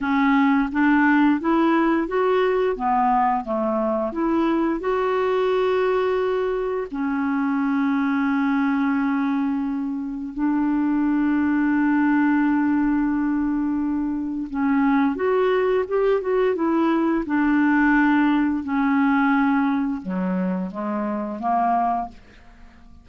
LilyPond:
\new Staff \with { instrumentName = "clarinet" } { \time 4/4 \tempo 4 = 87 cis'4 d'4 e'4 fis'4 | b4 a4 e'4 fis'4~ | fis'2 cis'2~ | cis'2. d'4~ |
d'1~ | d'4 cis'4 fis'4 g'8 fis'8 | e'4 d'2 cis'4~ | cis'4 fis4 gis4 ais4 | }